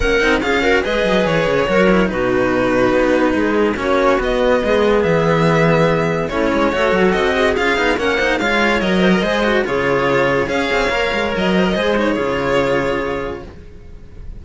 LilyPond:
<<
  \new Staff \with { instrumentName = "violin" } { \time 4/4 \tempo 4 = 143 fis''4 f''4 dis''4 cis''4~ | cis''4 b'2.~ | b'4 cis''4 dis''2 | e''2. cis''4~ |
cis''4 dis''4 f''4 fis''4 | f''4 dis''2 cis''4~ | cis''4 f''2 dis''4~ | dis''8 cis''2.~ cis''8 | }
  \new Staff \with { instrumentName = "clarinet" } { \time 4/4 ais'4 gis'8 ais'8 b'2 | ais'4 fis'2. | gis'4 fis'2 gis'4~ | gis'2. e'4 |
a'4. gis'4. ais'8 c''8 | cis''4. c''16 ais'16 c''4 gis'4~ | gis'4 cis''2~ cis''8 c''16 ais'16 | c''4 gis'2. | }
  \new Staff \with { instrumentName = "cello" } { \time 4/4 cis'8 dis'8 f'8 fis'8 gis'2 | fis'8 e'8 dis'2.~ | dis'4 cis'4 b2~ | b2. cis'4 |
fis'2 f'8 dis'8 cis'8 dis'8 | f'4 ais'4 gis'8 fis'8 f'4~ | f'4 gis'4 ais'2 | gis'8 dis'8 f'2. | }
  \new Staff \with { instrumentName = "cello" } { \time 4/4 ais8 c'8 cis'4 gis8 fis8 e8 cis8 | fis4 b,2 b4 | gis4 ais4 b4 gis4 | e2. a8 gis8 |
a8 fis8 c'4 cis'8 b8 ais4 | gis4 fis4 gis4 cis4~ | cis4 cis'8 c'8 ais8 gis8 fis4 | gis4 cis2. | }
>>